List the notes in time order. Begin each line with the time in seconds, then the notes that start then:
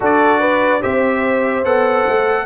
0.00 D4 F#4 A4 D5
0.39 B4
0.81 C4 G4 C5 E5
1.64 B3 A4 F#5
2.07 A3